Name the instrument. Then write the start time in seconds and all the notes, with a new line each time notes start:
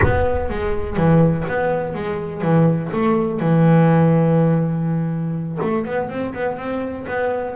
double bass
0.02 B3
0.49 G#3
0.96 E3
1.48 B3
1.94 G#3
2.41 E3
2.92 A3
3.39 E3
5.61 A3
5.85 B3
6.09 C4
6.34 B3
6.57 C4
7.07 B3